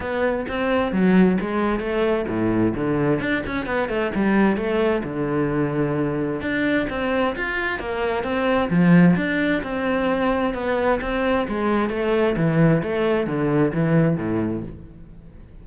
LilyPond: \new Staff \with { instrumentName = "cello" } { \time 4/4 \tempo 4 = 131 b4 c'4 fis4 gis4 | a4 a,4 d4 d'8 cis'8 | b8 a8 g4 a4 d4~ | d2 d'4 c'4 |
f'4 ais4 c'4 f4 | d'4 c'2 b4 | c'4 gis4 a4 e4 | a4 d4 e4 a,4 | }